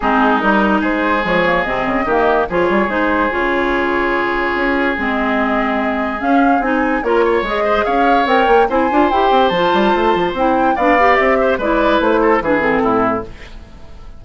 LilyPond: <<
  \new Staff \with { instrumentName = "flute" } { \time 4/4 \tempo 4 = 145 gis'4 ais'4 c''4 cis''4 | dis''2 cis''4 c''4 | cis''1 | dis''2. f''4 |
gis''4 cis''4 dis''4 f''4 | g''4 gis''4 g''4 a''4~ | a''4 g''4 f''4 e''4 | d''4 c''4 b'8 a'4. | }
  \new Staff \with { instrumentName = "oboe" } { \time 4/4 dis'2 gis'2~ | gis'4 g'4 gis'2~ | gis'1~ | gis'1~ |
gis'4 ais'8 cis''4 c''8 cis''4~ | cis''4 c''2.~ | c''2 d''4. c''8 | b'4. a'8 gis'4 e'4 | }
  \new Staff \with { instrumentName = "clarinet" } { \time 4/4 c'4 dis'2 gis8 ais8 | c'4 ais4 f'4 dis'4 | f'1 | c'2. cis'4 |
dis'4 f'4 gis'2 | ais'4 e'8 f'8 g'4 f'4~ | f'4 e'4 d'8 g'4. | e'2 d'8 c'4. | }
  \new Staff \with { instrumentName = "bassoon" } { \time 4/4 gis4 g4 gis4 f4 | c8 cis8 dis4 f8 g8 gis4 | cis2. cis'4 | gis2. cis'4 |
c'4 ais4 gis4 cis'4 | c'8 ais8 c'8 d'8 e'8 c'8 f8 g8 | a8 f8 c'4 b4 c'4 | gis4 a4 e4 a,4 | }
>>